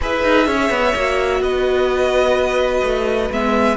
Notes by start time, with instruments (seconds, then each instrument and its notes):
0.01 cello E4, viola G#4, violin B4 E5
0.24 cello D#4
0.46 cello C#4, violin C#5
0.70 cello B3
0.95 cello A#3, viola F#4
1.40 cello B3, violin B4 D#5
2.82 cello A3
3.30 cello G#3, viola B3, violin E5